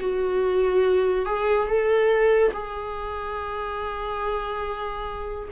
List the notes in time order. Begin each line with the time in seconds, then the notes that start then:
0.00 F#4
1.26 G#4
1.67 A4
2.53 G#4